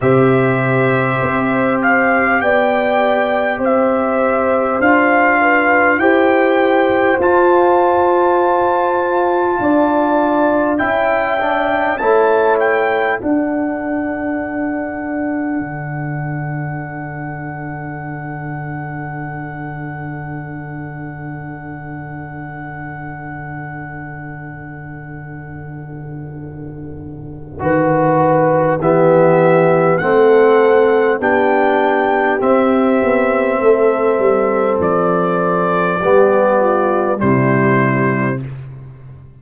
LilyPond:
<<
  \new Staff \with { instrumentName = "trumpet" } { \time 4/4 \tempo 4 = 50 e''4. f''8 g''4 e''4 | f''4 g''4 a''2~ | a''4 g''4 a''8 g''8 fis''4~ | fis''1~ |
fis''1~ | fis''1 | e''4 fis''4 g''4 e''4~ | e''4 d''2 c''4 | }
  \new Staff \with { instrumentName = "horn" } { \time 4/4 c''2 d''4 c''4~ | c''8 b'8 c''2. | d''4 e''4 cis''4 a'4~ | a'1~ |
a'1~ | a'2. b'4 | g'4 a'4 g'2 | a'2 g'8 f'8 e'4 | }
  \new Staff \with { instrumentName = "trombone" } { \time 4/4 g'1 | f'4 g'4 f'2~ | f'4 e'8 d'8 e'4 d'4~ | d'1~ |
d'1~ | d'2. fis'4 | b4 c'4 d'4 c'4~ | c'2 b4 g4 | }
  \new Staff \with { instrumentName = "tuba" } { \time 4/4 c4 c'4 b4 c'4 | d'4 e'4 f'2 | d'4 cis'4 a4 d'4~ | d'4 d2.~ |
d1~ | d2. dis4 | e4 a4 b4 c'8 b8 | a8 g8 f4 g4 c4 | }
>>